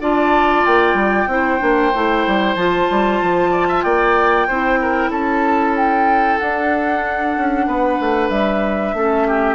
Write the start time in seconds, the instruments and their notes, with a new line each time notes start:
0.00 bassoon D4, clarinet F4, oboe D5, flute A5
0.65 bassoon A#3, flute G5
0.94 bassoon G3
1.28 bassoon C4, clarinet E4, oboe C5
1.59 bassoon A#3, clarinet D4
1.94 bassoon A3, clarinet E4
2.27 bassoon G3
2.55 bassoon F3, clarinet F4, flute A5
2.91 bassoon G3
3.22 bassoon F3
3.51 oboe D5
3.68 oboe E5
3.83 bassoon A#3, oboe D5, flute G5
4.47 bassoon C4, clarinet E4, oboe C5
4.82 oboe A#4
5.10 bassoon C#4, oboe A4, flute A5
5.76 flute G5
6.39 clarinet D4, bassoon D4, flute F#5
7.37 bassoon C#4
7.67 bassoon B3, oboe B4
8.00 bassoon A3
8.30 bassoon G3, flute E5
8.94 bassoon A3, clarinet C#4, oboe A4
9.28 oboe G4